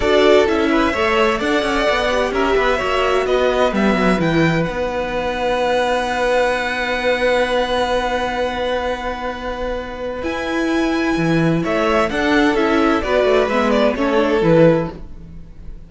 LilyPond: <<
  \new Staff \with { instrumentName = "violin" } { \time 4/4 \tempo 4 = 129 d''4 e''2 fis''4~ | fis''4 e''2 dis''4 | e''4 g''4 fis''2~ | fis''1~ |
fis''1~ | fis''2 gis''2~ | gis''4 e''4 fis''4 e''4 | d''4 e''8 d''8 cis''4 b'4 | }
  \new Staff \with { instrumentName = "violin" } { \time 4/4 a'4. b'8 cis''4 d''4~ | d''4 ais'8 b'8 cis''4 b'4~ | b'1~ | b'1~ |
b'1~ | b'1~ | b'4 cis''4 a'2 | b'2 a'2 | }
  \new Staff \with { instrumentName = "viola" } { \time 4/4 fis'4 e'4 a'2~ | a'8 g'4. fis'2 | b4 e'4 dis'2~ | dis'1~ |
dis'1~ | dis'2 e'2~ | e'2 d'4 e'4 | fis'4 b4 cis'8 d'8 e'4 | }
  \new Staff \with { instrumentName = "cello" } { \time 4/4 d'4 cis'4 a4 d'8 cis'8 | b4 cis'8 b8 ais4 b4 | g8 fis8 e4 b2~ | b1~ |
b1~ | b2 e'2 | e4 a4 d'4 cis'4 | b8 a8 gis4 a4 e4 | }
>>